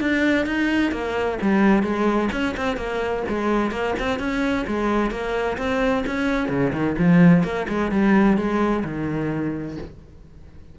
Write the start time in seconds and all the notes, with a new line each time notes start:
0.00 D4
0.46 D#4
0.91 A#3
1.41 G3
1.82 G#3
2.32 C#4
2.56 C4
2.76 A#3
3.28 G#3
3.71 A#3
3.99 C4
4.19 C#4
4.67 G#3
5.10 A#3
5.57 C4
6.06 C#4
6.48 C#3
6.72 D#3
6.98 F3
7.43 A#3
7.68 G#3
7.91 G3
8.37 G#3
8.84 D#3